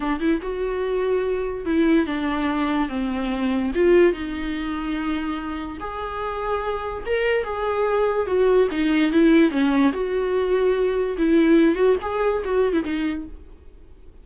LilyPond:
\new Staff \with { instrumentName = "viola" } { \time 4/4 \tempo 4 = 145 d'8 e'8 fis'2. | e'4 d'2 c'4~ | c'4 f'4 dis'2~ | dis'2 gis'2~ |
gis'4 ais'4 gis'2 | fis'4 dis'4 e'4 cis'4 | fis'2. e'4~ | e'8 fis'8 gis'4 fis'8. e'16 dis'4 | }